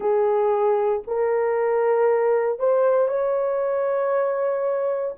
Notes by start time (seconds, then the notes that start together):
0.00 G#4
1.07 A#4
2.59 C5
3.08 C#5